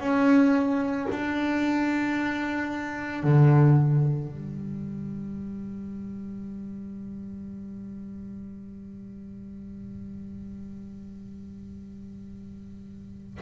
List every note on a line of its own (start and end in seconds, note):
0.00 1.07 C#4
1.12 3.23 D4
3.23 4.28 D3
4.28 13.38 G3